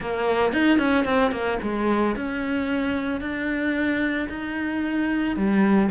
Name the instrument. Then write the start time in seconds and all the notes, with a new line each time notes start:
cello
0.00 A#3
0.53 D#4
0.78 C#4
1.04 C4
1.31 A#3
1.62 G#3
2.16 C#4
3.20 D4
4.29 D#4
5.36 G3